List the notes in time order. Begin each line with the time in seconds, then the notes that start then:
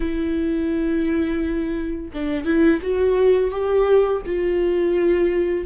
0.00 E4
2.13 D4
2.44 E4
2.82 F#4
3.51 G4
4.26 F4